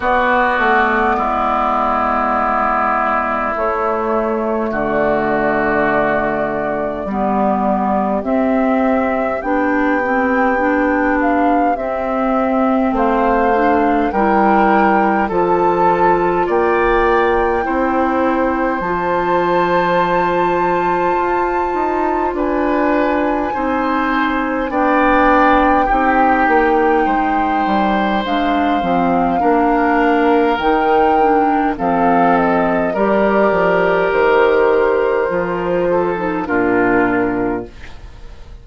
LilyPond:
<<
  \new Staff \with { instrumentName = "flute" } { \time 4/4 \tempo 4 = 51 d''2. cis''4 | d''2. e''4 | g''4. f''8 e''4 f''4 | g''4 a''4 g''2 |
a''2. gis''4~ | gis''4 g''2. | f''2 g''4 f''8 dis''8 | d''4 c''2 ais'4 | }
  \new Staff \with { instrumentName = "oboe" } { \time 4/4 fis'4 e'2. | fis'2 g'2~ | g'2. c''4 | ais'4 a'4 d''4 c''4~ |
c''2. b'4 | c''4 d''4 g'4 c''4~ | c''4 ais'2 a'4 | ais'2~ ais'8 a'8 f'4 | }
  \new Staff \with { instrumentName = "clarinet" } { \time 4/4 b2. a4~ | a2 b4 c'4 | d'8 c'8 d'4 c'4. d'8 | e'4 f'2 e'4 |
f'1 | dis'4 d'4 dis'2 | d'8 c'8 d'4 dis'8 d'8 c'4 | g'2 f'8. dis'16 d'4 | }
  \new Staff \with { instrumentName = "bassoon" } { \time 4/4 b8 a8 gis2 a4 | d2 g4 c'4 | b2 c'4 a4 | g4 f4 ais4 c'4 |
f2 f'8 dis'8 d'4 | c'4 b4 c'8 ais8 gis8 g8 | gis8 f8 ais4 dis4 f4 | g8 f8 dis4 f4 ais,4 | }
>>